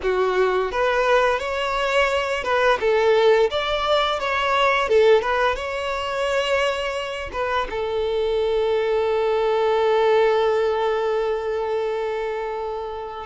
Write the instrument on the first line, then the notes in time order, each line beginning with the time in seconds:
violin
0.02 F#4
0.71 B4
1.39 C#5
2.43 B4
2.80 A4
3.50 D5
4.19 C#5
4.88 A4
5.21 B4
5.55 C#5
7.32 B4
7.70 A4